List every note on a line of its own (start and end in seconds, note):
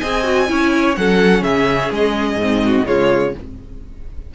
0.00 0.50 C4
0.00 0.24 G#4
0.00 0.48 D#5
0.00 0.95 G#5
0.24 0.48 F#4
0.48 0.97 C#4
0.48 0.96 E4
0.48 0.99 C#5
0.97 1.42 F#3
0.97 2.40 C#4
0.97 1.43 A4
0.97 1.44 F#5
1.42 1.90 C#3
1.42 2.62 G#4
1.42 1.91 E5
1.91 2.36 G#3
1.91 2.87 D#5
2.36 2.83 G#2
2.36 2.85 C4
2.65 2.87 F#4
2.85 3.35 C#3
2.85 3.33 G#3
2.85 3.35 F4
2.85 3.34 C#5